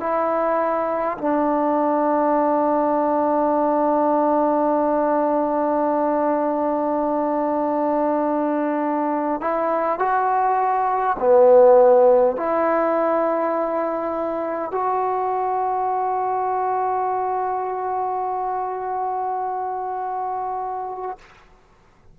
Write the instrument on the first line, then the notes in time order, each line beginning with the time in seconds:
trombone
0.00 E4
1.18 D4
9.41 E4
9.99 F#4
11.19 B3
12.37 E4
14.71 F#4